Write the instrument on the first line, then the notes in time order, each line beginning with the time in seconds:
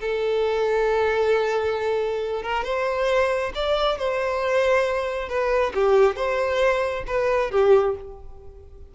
violin
0.00 A4
2.42 A#4
2.64 C5
3.54 D5
3.98 C5
5.28 B4
5.74 G4
6.15 C5
7.06 B4
7.51 G4